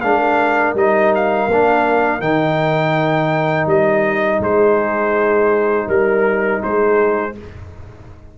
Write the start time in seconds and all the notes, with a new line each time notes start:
0.00 G#3 D4 A#4 F5
0.74 G3 D#4 D#5
1.15 F5
1.48 A#3 D4
2.20 D#3 D#4 G5
3.66 G3 D#5
4.39 G#3 G#4 C5
5.87 G3 A#4
6.63 G#3 G#4 C5